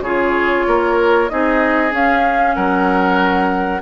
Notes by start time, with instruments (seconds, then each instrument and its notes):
0.00 bassoon C#3, clarinet F4, oboe G#4, flute C#5
0.67 bassoon A#3, oboe A#4
1.29 bassoon C4, clarinet D#4, oboe G#4, flute D#5
1.90 clarinet C#4, bassoon C#4, flute F5
2.54 bassoon F#3, oboe A#4, flute F#5